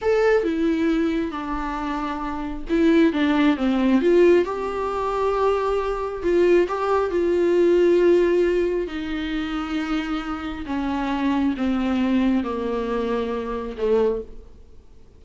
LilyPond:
\new Staff \with { instrumentName = "viola" } { \time 4/4 \tempo 4 = 135 a'4 e'2 d'4~ | d'2 e'4 d'4 | c'4 f'4 g'2~ | g'2 f'4 g'4 |
f'1 | dis'1 | cis'2 c'2 | ais2. a4 | }